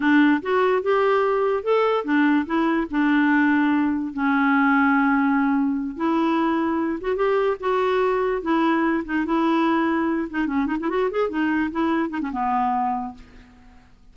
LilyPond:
\new Staff \with { instrumentName = "clarinet" } { \time 4/4 \tempo 4 = 146 d'4 fis'4 g'2 | a'4 d'4 e'4 d'4~ | d'2 cis'2~ | cis'2~ cis'8 e'4.~ |
e'4 fis'8 g'4 fis'4.~ | fis'8 e'4. dis'8 e'4.~ | e'4 dis'8 cis'8 dis'16 e'16 fis'8 gis'8 dis'8~ | dis'8 e'4 dis'16 cis'16 b2 | }